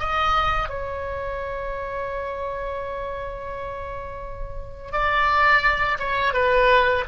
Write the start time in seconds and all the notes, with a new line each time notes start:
0.00 D#5
0.70 C#5
4.93 D5
6.00 C#5
6.34 B4